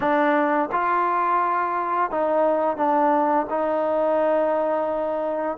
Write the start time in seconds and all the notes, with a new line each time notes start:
0.00 D4
0.72 F4
2.10 D#4
2.76 D4
3.49 D#4